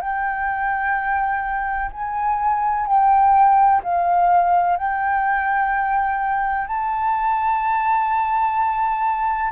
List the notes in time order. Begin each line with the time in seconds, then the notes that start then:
0.00 G5
1.91 G#5
2.86 G5
3.83 F5
4.77 G5
6.67 A5